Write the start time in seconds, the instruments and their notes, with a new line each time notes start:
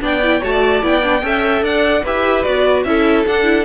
0.00 cello B3, viola D4, violin D5 G5
0.23 viola E4
0.41 cello A3, viola F#4, violin C#5 A5
0.51 violin D5
0.82 cello B3, viola E4, violin G5
1.03 viola D4
1.21 cello C#4, viola A4, violin E5
1.61 cello D4, violin D5 F#5
2.03 cello E4, viola G4, violin B4 E5
2.43 cello B3, viola F#4, violin D5
2.83 cello C#4, viola E4, violin A4 E5
3.26 cello D4, viola D4, violin F#5
3.43 viola E4